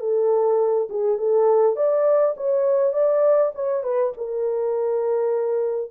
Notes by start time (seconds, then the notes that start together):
0.00 A4
0.90 G#4
1.18 A4
1.76 D5
2.37 C#5
2.93 D5
3.55 C#5
3.83 B4
4.17 A#4